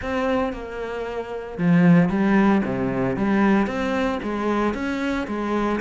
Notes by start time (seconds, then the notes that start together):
0.02 C4
0.53 A#3
1.58 F3
2.09 G3
2.64 C3
3.16 G3
3.66 C4
4.22 G#3
4.74 C#4
5.27 G#3